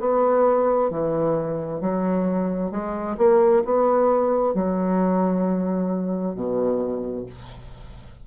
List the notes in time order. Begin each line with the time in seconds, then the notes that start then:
0.00 B3
0.90 E3
1.81 F#3
2.71 G#3
3.18 A#3
3.65 B3
4.55 F#3
6.35 B2